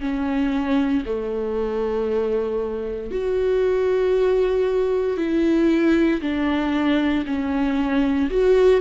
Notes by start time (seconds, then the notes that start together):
0.00 C#4
1.06 A3
3.11 F#4
5.17 E4
6.21 D4
7.26 C#4
8.30 F#4